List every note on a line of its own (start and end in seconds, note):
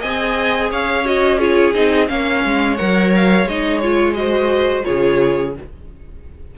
0.00 0.72 C4
0.00 1.05 G#4
0.00 0.69 D#5
0.00 0.70 G#5
0.71 1.75 C#4
0.71 1.39 C#5
0.71 1.07 F5
1.05 1.39 F#4
1.05 1.39 D#5
1.39 1.73 F4
1.39 2.08 G#4
1.39 1.73 C#5
1.74 2.09 C4
1.74 2.07 D#4
1.74 2.08 D#5
2.07 2.44 A#3
2.07 2.76 C#4
2.07 4.17 C#5
2.07 2.77 F5
2.45 2.79 G#3
2.77 3.45 F#3
2.77 3.47 A#4
2.77 3.11 F#5
3.16 3.48 F5
3.45 4.83 G#3
3.45 3.82 D#4
3.45 3.79 D#5
3.79 4.15 F4
3.79 4.13 C#5
4.14 4.83 F#4
4.14 4.86 C5
4.14 4.83 D#5
4.83 5.57 C#3
4.83 5.52 F4
4.83 5.55 G#4
4.83 5.54 C#5